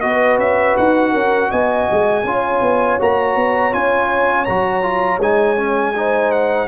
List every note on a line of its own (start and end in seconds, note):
0.00 0.38 B3
0.00 2.23 F#4
0.00 1.12 B4
0.00 0.37 D#5
0.38 0.75 C#4
0.38 0.76 E5
0.77 1.13 D#4
0.77 1.51 F#5
1.12 1.50 C#4
1.12 1.49 A#4
1.50 1.88 B3
1.50 2.24 D#5
1.50 2.99 G#5
1.91 2.23 G#3
2.23 2.60 C#4
2.23 2.99 F4
2.23 5.96 C#5
2.61 2.98 B3
2.99 3.35 A#3
2.99 3.71 F#4
2.99 3.73 A#5
3.35 3.72 B3
3.71 4.48 C#4
3.71 4.46 F4
3.71 4.44 G#5
4.44 5.18 F#3
4.44 4.82 F#4
4.44 5.19 A#5
4.82 5.19 F4
5.18 6.66 G#3
5.18 5.56 D#4
5.18 6.31 G#5
5.56 5.93 C#4
5.95 6.67 D#4
5.95 6.67 C5
6.31 6.67 F#5